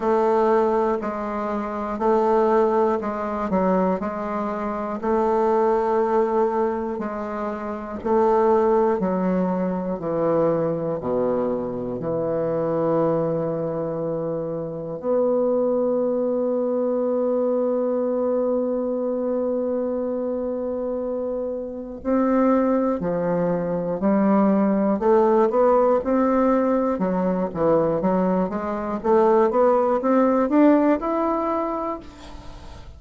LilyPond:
\new Staff \with { instrumentName = "bassoon" } { \time 4/4 \tempo 4 = 60 a4 gis4 a4 gis8 fis8 | gis4 a2 gis4 | a4 fis4 e4 b,4 | e2. b4~ |
b1~ | b2 c'4 f4 | g4 a8 b8 c'4 fis8 e8 | fis8 gis8 a8 b8 c'8 d'8 e'4 | }